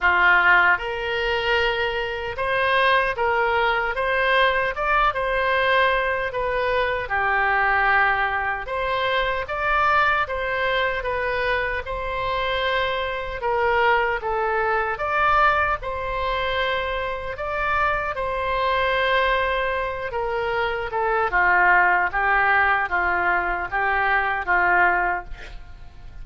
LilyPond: \new Staff \with { instrumentName = "oboe" } { \time 4/4 \tempo 4 = 76 f'4 ais'2 c''4 | ais'4 c''4 d''8 c''4. | b'4 g'2 c''4 | d''4 c''4 b'4 c''4~ |
c''4 ais'4 a'4 d''4 | c''2 d''4 c''4~ | c''4. ais'4 a'8 f'4 | g'4 f'4 g'4 f'4 | }